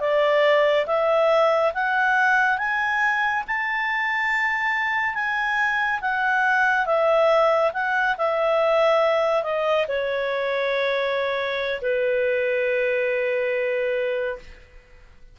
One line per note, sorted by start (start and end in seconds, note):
0.00 0.86 D5
0.86 1.72 E5
1.74 2.58 F#5
2.58 3.44 G#5
3.47 5.14 A5
5.14 6.00 G#5
6.01 6.86 F#5
6.86 7.72 E5
7.73 8.16 F#5
8.17 9.43 E5
9.43 9.86 D#5
9.88 11.81 C#5
11.82 14.39 B4